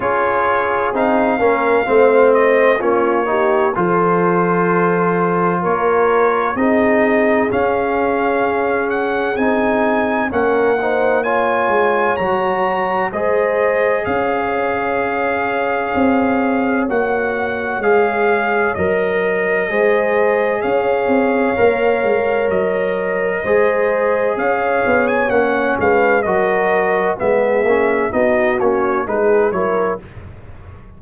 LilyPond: <<
  \new Staff \with { instrumentName = "trumpet" } { \time 4/4 \tempo 4 = 64 cis''4 f''4. dis''8 cis''4 | c''2 cis''4 dis''4 | f''4. fis''8 gis''4 fis''4 | gis''4 ais''4 dis''4 f''4~ |
f''2 fis''4 f''4 | dis''2 f''2 | dis''2 f''8. gis''16 fis''8 f''8 | dis''4 e''4 dis''8 cis''8 b'8 cis''8 | }
  \new Staff \with { instrumentName = "horn" } { \time 4/4 gis'4. ais'8 c''4 f'8 g'8 | a'2 ais'4 gis'4~ | gis'2. ais'8 c''8 | cis''2 c''4 cis''4~ |
cis''1~ | cis''4 c''4 cis''2~ | cis''4 c''4 cis''4. b'8 | ais'4 gis'4 fis'4 gis'8 ais'8 | }
  \new Staff \with { instrumentName = "trombone" } { \time 4/4 f'4 dis'8 cis'8 c'4 cis'8 dis'8 | f'2. dis'4 | cis'2 dis'4 cis'8 dis'8 | f'4 fis'4 gis'2~ |
gis'2 fis'4 gis'4 | ais'4 gis'2 ais'4~ | ais'4 gis'2 cis'4 | fis'4 b8 cis'8 dis'8 cis'8 dis'8 e'8 | }
  \new Staff \with { instrumentName = "tuba" } { \time 4/4 cis'4 c'8 ais8 a4 ais4 | f2 ais4 c'4 | cis'2 c'4 ais4~ | ais8 gis8 fis4 gis4 cis'4~ |
cis'4 c'4 ais4 gis4 | fis4 gis4 cis'8 c'8 ais8 gis8 | fis4 gis4 cis'8 b8 ais8 gis8 | fis4 gis8 ais8 b8 ais8 gis8 fis8 | }
>>